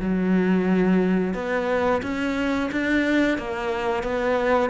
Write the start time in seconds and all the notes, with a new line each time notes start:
0.00 F#3
1.34 B3
2.02 C#4
2.72 D4
3.38 A#3
4.03 B3